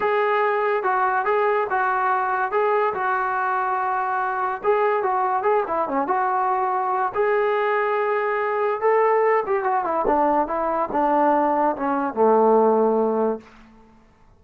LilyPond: \new Staff \with { instrumentName = "trombone" } { \time 4/4 \tempo 4 = 143 gis'2 fis'4 gis'4 | fis'2 gis'4 fis'4~ | fis'2. gis'4 | fis'4 gis'8 e'8 cis'8 fis'4.~ |
fis'4 gis'2.~ | gis'4 a'4. g'8 fis'8 e'8 | d'4 e'4 d'2 | cis'4 a2. | }